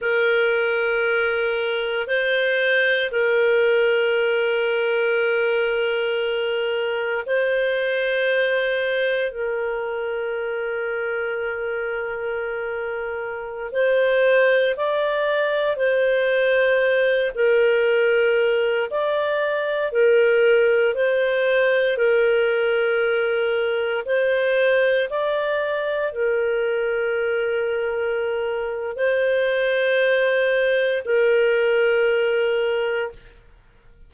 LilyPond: \new Staff \with { instrumentName = "clarinet" } { \time 4/4 \tempo 4 = 58 ais'2 c''4 ais'4~ | ais'2. c''4~ | c''4 ais'2.~ | ais'4~ ais'16 c''4 d''4 c''8.~ |
c''8. ais'4. d''4 ais'8.~ | ais'16 c''4 ais'2 c''8.~ | c''16 d''4 ais'2~ ais'8. | c''2 ais'2 | }